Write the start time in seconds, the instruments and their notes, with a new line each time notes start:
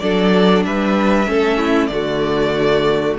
0.00 cello F#3, viola D4, violin A4 D5
0.65 cello G3, violin B4 E5
1.27 cello A3, viola C#4, violin A4
1.58 violin E4
1.87 cello D3, viola A3, violin F#4 D5